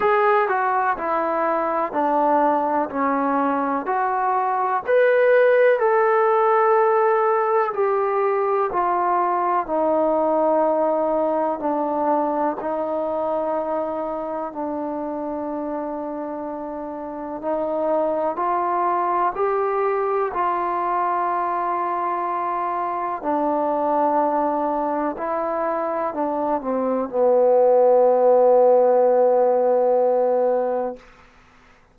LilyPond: \new Staff \with { instrumentName = "trombone" } { \time 4/4 \tempo 4 = 62 gis'8 fis'8 e'4 d'4 cis'4 | fis'4 b'4 a'2 | g'4 f'4 dis'2 | d'4 dis'2 d'4~ |
d'2 dis'4 f'4 | g'4 f'2. | d'2 e'4 d'8 c'8 | b1 | }